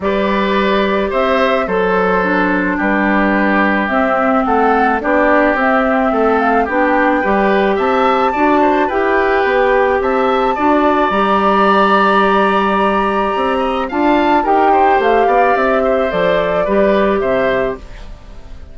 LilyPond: <<
  \new Staff \with { instrumentName = "flute" } { \time 4/4 \tempo 4 = 108 d''2 e''4 c''4~ | c''4 b'2 e''4 | fis''4 d''4 e''4. f''8 | g''2 a''2 |
g''2 a''2 | ais''1~ | ais''4 a''4 g''4 f''4 | e''4 d''2 e''4 | }
  \new Staff \with { instrumentName = "oboe" } { \time 4/4 b'2 c''4 a'4~ | a'4 g'2. | a'4 g'2 a'4 | g'4 b'4 e''4 d''8 c''8 |
b'2 e''4 d''4~ | d''1~ | d''8 dis''8 f''4 ais'8 c''4 d''8~ | d''8 c''4. b'4 c''4 | }
  \new Staff \with { instrumentName = "clarinet" } { \time 4/4 g'2. a'4 | d'2. c'4~ | c'4 d'4 c'2 | d'4 g'2 fis'4 |
g'2. fis'4 | g'1~ | g'4 f'4 g'2~ | g'4 a'4 g'2 | }
  \new Staff \with { instrumentName = "bassoon" } { \time 4/4 g2 c'4 fis4~ | fis4 g2 c'4 | a4 b4 c'4 a4 | b4 g4 c'4 d'4 |
e'4 b4 c'4 d'4 | g1 | c'4 d'4 dis'4 a8 b8 | c'4 f4 g4 c4 | }
>>